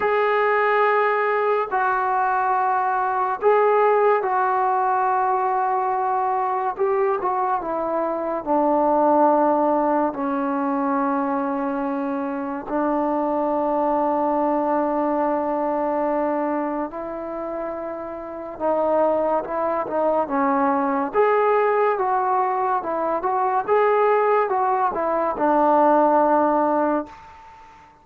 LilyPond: \new Staff \with { instrumentName = "trombone" } { \time 4/4 \tempo 4 = 71 gis'2 fis'2 | gis'4 fis'2. | g'8 fis'8 e'4 d'2 | cis'2. d'4~ |
d'1 | e'2 dis'4 e'8 dis'8 | cis'4 gis'4 fis'4 e'8 fis'8 | gis'4 fis'8 e'8 d'2 | }